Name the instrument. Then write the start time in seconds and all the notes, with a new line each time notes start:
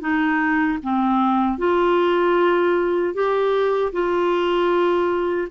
clarinet
0.00 D#4
0.82 C4
1.58 F4
3.13 G4
3.92 F4